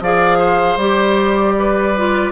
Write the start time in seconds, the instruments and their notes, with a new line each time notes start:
0.00 bassoon F3, clarinet G#4, oboe D5, flute F5
0.38 oboe C5
0.77 bassoon G3, clarinet G4, flute D5
1.58 oboe B4
1.96 clarinet F4